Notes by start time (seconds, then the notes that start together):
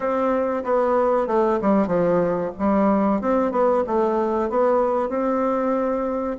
0.00 C4
0.64 B3
1.27 A3
1.61 G3
1.87 F3
2.58 G3
3.21 C4
3.51 B3
3.86 A3
4.49 B3
5.09 C4